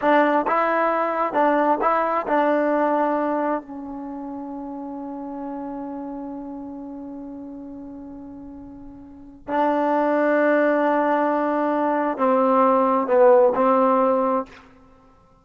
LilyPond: \new Staff \with { instrumentName = "trombone" } { \time 4/4 \tempo 4 = 133 d'4 e'2 d'4 | e'4 d'2. | cis'1~ | cis'1~ |
cis'1~ | cis'4 d'2.~ | d'2. c'4~ | c'4 b4 c'2 | }